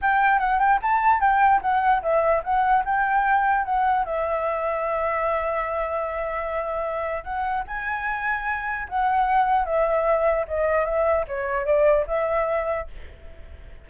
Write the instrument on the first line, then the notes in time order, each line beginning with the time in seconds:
flute
0.01 G5
0.39 F#5
0.59 G5
0.82 A5
1.20 G5
1.61 F#5
2.02 E5
2.43 F#5
2.84 G5
3.64 F#5
4.05 E5
7.23 F#5
7.67 G#5
8.88 F#5
9.65 E5
10.47 D#5
10.84 E5
11.27 C#5
11.65 D5
12.07 E5